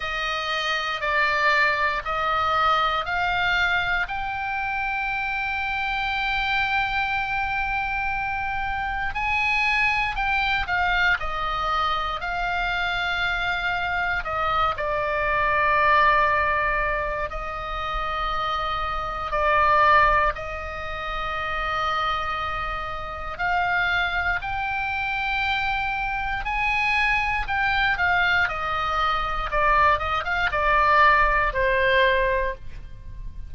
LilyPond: \new Staff \with { instrumentName = "oboe" } { \time 4/4 \tempo 4 = 59 dis''4 d''4 dis''4 f''4 | g''1~ | g''4 gis''4 g''8 f''8 dis''4 | f''2 dis''8 d''4.~ |
d''4 dis''2 d''4 | dis''2. f''4 | g''2 gis''4 g''8 f''8 | dis''4 d''8 dis''16 f''16 d''4 c''4 | }